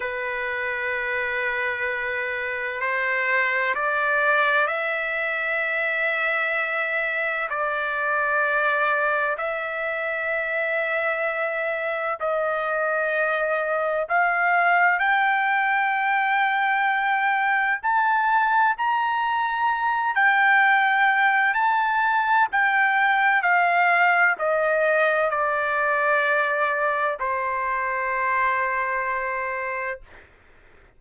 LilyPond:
\new Staff \with { instrumentName = "trumpet" } { \time 4/4 \tempo 4 = 64 b'2. c''4 | d''4 e''2. | d''2 e''2~ | e''4 dis''2 f''4 |
g''2. a''4 | ais''4. g''4. a''4 | g''4 f''4 dis''4 d''4~ | d''4 c''2. | }